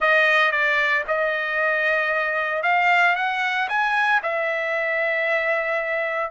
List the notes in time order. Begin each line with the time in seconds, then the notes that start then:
0.00 D#5
0.51 D5
1.07 D#5
2.62 F5
3.15 F#5
3.68 G#5
4.22 E5